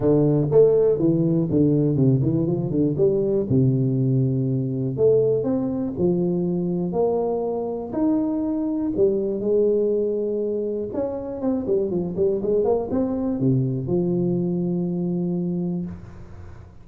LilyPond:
\new Staff \with { instrumentName = "tuba" } { \time 4/4 \tempo 4 = 121 d4 a4 e4 d4 | c8 e8 f8 d8 g4 c4~ | c2 a4 c'4 | f2 ais2 |
dis'2 g4 gis4~ | gis2 cis'4 c'8 g8 | f8 g8 gis8 ais8 c'4 c4 | f1 | }